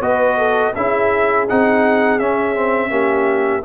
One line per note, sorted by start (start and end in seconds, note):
0.00 0.72 B3
0.00 0.73 F#4
0.00 0.37 B4
0.00 0.73 D#5
0.37 0.73 A4
0.74 1.48 C#4
0.74 1.48 E4
0.74 2.90 G#4
0.74 1.47 E5
1.48 2.18 C4
1.48 2.20 D#4
1.48 2.18 F#5
2.18 2.90 C#4
2.18 2.55 C#4
2.18 3.63 E5
2.55 2.89 C4
2.89 3.62 A#3
2.89 3.61 C#4
2.89 3.62 G4